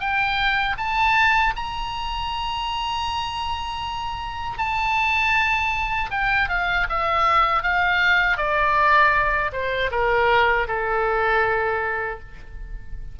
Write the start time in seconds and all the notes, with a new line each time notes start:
0.00 G5
0.77 A5
1.56 A#5
4.58 A5
6.11 G5
6.49 F5
6.89 E5
7.63 F5
8.37 D5
9.52 C5
9.91 A#4
10.67 A4